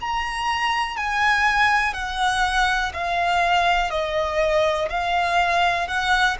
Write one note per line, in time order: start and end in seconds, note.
0.00 0.96 A#5
0.96 1.93 G#5
1.93 2.92 F#5
2.93 3.90 F5
3.90 4.89 D#5
4.89 5.87 F5
5.87 6.37 F#5